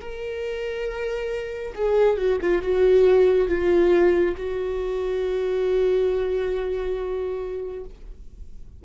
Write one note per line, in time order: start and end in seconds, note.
0.00 1.74 A#4
1.74 2.17 G#4
2.17 2.39 F#4
2.41 2.61 F4
2.61 3.48 F#4
3.48 4.35 F4
4.36 7.84 F#4